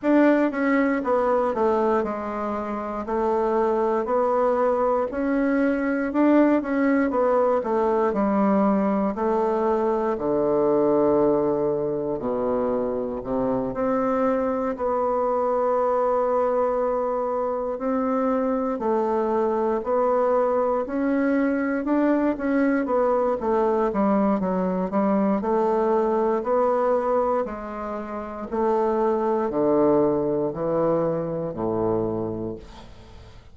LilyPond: \new Staff \with { instrumentName = "bassoon" } { \time 4/4 \tempo 4 = 59 d'8 cis'8 b8 a8 gis4 a4 | b4 cis'4 d'8 cis'8 b8 a8 | g4 a4 d2 | b,4 c8 c'4 b4.~ |
b4. c'4 a4 b8~ | b8 cis'4 d'8 cis'8 b8 a8 g8 | fis8 g8 a4 b4 gis4 | a4 d4 e4 a,4 | }